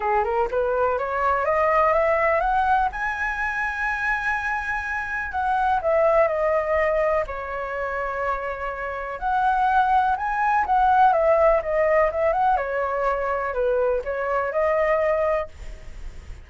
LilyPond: \new Staff \with { instrumentName = "flute" } { \time 4/4 \tempo 4 = 124 gis'8 ais'8 b'4 cis''4 dis''4 | e''4 fis''4 gis''2~ | gis''2. fis''4 | e''4 dis''2 cis''4~ |
cis''2. fis''4~ | fis''4 gis''4 fis''4 e''4 | dis''4 e''8 fis''8 cis''2 | b'4 cis''4 dis''2 | }